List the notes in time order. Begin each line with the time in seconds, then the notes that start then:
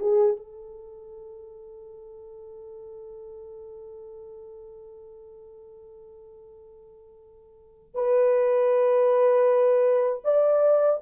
0.00 G#4
0.37 A4
7.95 B4
10.25 D5